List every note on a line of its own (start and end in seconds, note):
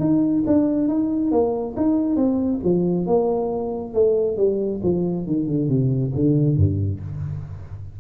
0.00 0.44 D#4
0.47 0.88 D4
0.88 1.31 D#4
1.31 1.75 A#3
1.77 2.16 D#4
2.16 2.60 C4
2.64 3.07 F3
3.07 3.94 A#3
3.94 4.37 A3
4.37 4.81 G3
4.83 5.27 F3
5.27 5.47 D#3
5.47 5.69 D3
5.69 6.12 C3
6.15 6.57 D3
6.57 7.00 G2